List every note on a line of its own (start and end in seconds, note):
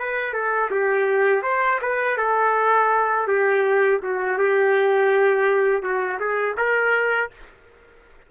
0.00 0.34 B4
0.34 0.71 A4
0.71 1.43 G4
1.43 1.80 C5
1.83 2.18 B4
2.18 3.28 A4
3.28 4.01 G4
4.03 4.39 F#4
4.39 5.83 G4
5.83 6.20 F#4
6.20 6.57 G#4
6.58 7.31 A#4